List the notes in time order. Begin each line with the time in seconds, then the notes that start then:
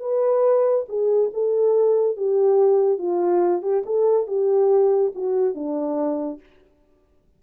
0.00 B4
0.89 G#4
1.33 A4
2.17 G4
2.98 F4
3.62 G4
3.86 A4
4.27 G4
5.15 F#4
5.55 D4